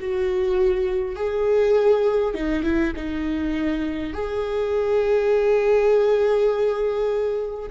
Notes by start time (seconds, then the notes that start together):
0.00 F#4
1.16 G#4
2.34 D#4
2.63 E4
2.96 D#4
4.13 G#4